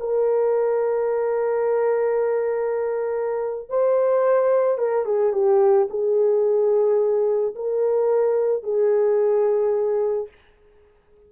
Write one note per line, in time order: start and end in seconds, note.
0.00 3.69 A#4
3.69 4.78 C5
4.78 5.05 A#4
5.05 5.33 G#4
5.33 5.88 G4
5.90 7.55 G#4
7.55 8.63 A#4
8.63 10.28 G#4